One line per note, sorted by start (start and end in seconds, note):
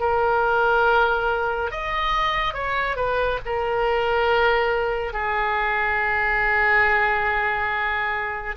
0.00 1.71 A#4
1.71 2.54 D#5
2.54 2.97 C#5
2.97 3.40 B4
3.46 5.14 A#4
5.14 8.56 G#4